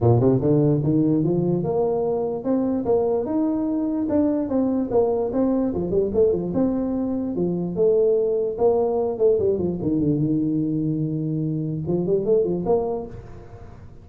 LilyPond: \new Staff \with { instrumentName = "tuba" } { \time 4/4 \tempo 4 = 147 ais,8 c8 d4 dis4 f4 | ais2 c'4 ais4 | dis'2 d'4 c'4 | ais4 c'4 f8 g8 a8 f8 |
c'2 f4 a4~ | a4 ais4. a8 g8 f8 | dis8 d8 dis2.~ | dis4 f8 g8 a8 f8 ais4 | }